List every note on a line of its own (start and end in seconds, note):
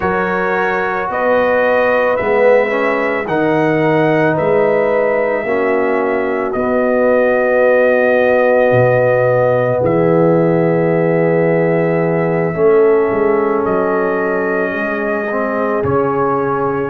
0.00 1.09 F#3
0.00 2.17 F#4
0.00 1.10 A#4
0.00 1.09 C#5
1.09 2.18 B3
1.09 3.28 B4
1.09 2.16 D#5
2.16 3.25 G#3
2.16 2.69 B3
2.16 3.25 E5
2.69 3.24 C#4
3.25 4.35 D#3
3.25 5.46 D#4
3.25 4.34 A#4
3.25 4.36 F#5
4.34 5.43 G#3
4.34 5.43 B4
4.34 6.52 E5
5.43 6.52 A#3
5.43 6.55 C#4
5.43 9.80 F#4
6.52 8.71 B3
6.52 12.54 B3
6.52 9.79 D#5
8.71 9.80 B2
9.80 12.54 E3
9.80 12.53 G#4
9.80 13.65 E5
12.54 13.08 A3
12.54 15.26 C#4
12.54 14.71 A4
13.10 13.65 G#3
13.65 14.73 F#3
13.65 15.83 D#5
14.71 15.82 G#3
14.71 16.90 G#4
15.30 15.83 C4
15.83 16.90 C#3
15.83 16.90 C#4
15.83 16.90 C#5